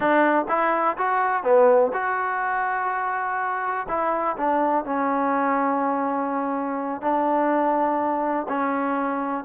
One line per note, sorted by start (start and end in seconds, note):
0.00 0.45 D4
0.48 0.96 E4
0.97 1.43 F#4
1.43 1.91 B3
1.93 3.86 F#4
3.88 4.36 E4
4.36 4.84 D4
4.84 7.01 C#4
7.01 8.46 D4
8.48 9.44 C#4